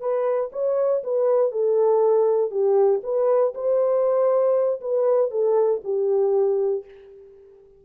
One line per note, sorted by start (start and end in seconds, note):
0.00 0.50 B4
0.53 1.03 C#5
1.04 1.52 B4
1.52 2.51 A4
2.51 3.02 G4
3.04 3.54 B4
3.55 4.81 C5
4.81 5.31 B4
5.31 5.81 A4
5.84 6.85 G4